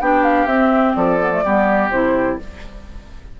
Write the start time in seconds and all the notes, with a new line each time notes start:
0.00 B3 D4 G4 G5
0.23 F5
0.46 C4 E5
0.95 F3 A4 D5
1.20 B3
1.31 A3
1.44 G3 B3 G4
1.90 C3 E4 C5